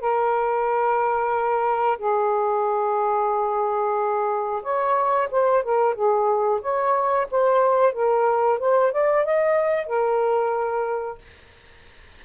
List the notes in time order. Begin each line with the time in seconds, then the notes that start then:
0.00 A#4
1.98 G#4
4.62 C#5
5.31 C5
5.63 A#4
5.95 G#4
6.61 C#5
7.31 C5
7.93 A#4
8.59 C5
8.92 D5
9.25 D#5
9.86 A#4